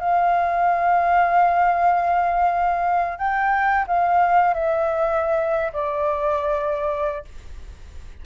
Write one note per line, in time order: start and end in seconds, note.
0.00 3.18 F5
3.18 3.85 G5
3.88 4.54 F5
4.54 5.72 E5
5.73 7.25 D5